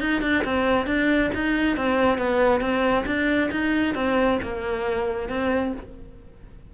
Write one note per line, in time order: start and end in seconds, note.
0.00 0.22 D#4
0.22 0.44 D4
0.45 0.87 C4
0.87 1.31 D4
1.34 1.77 D#4
1.77 2.18 C4
2.18 2.61 B3
2.61 3.05 C4
3.06 3.50 D4
3.52 3.95 D#4
3.95 4.39 C4
4.43 5.29 A#3
5.29 5.73 C4